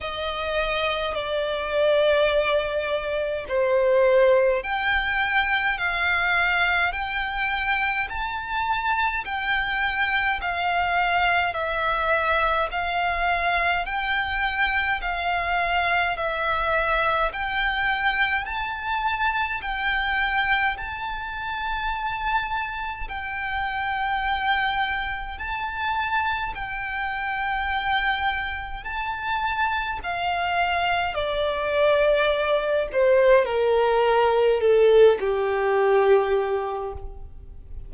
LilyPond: \new Staff \with { instrumentName = "violin" } { \time 4/4 \tempo 4 = 52 dis''4 d''2 c''4 | g''4 f''4 g''4 a''4 | g''4 f''4 e''4 f''4 | g''4 f''4 e''4 g''4 |
a''4 g''4 a''2 | g''2 a''4 g''4~ | g''4 a''4 f''4 d''4~ | d''8 c''8 ais'4 a'8 g'4. | }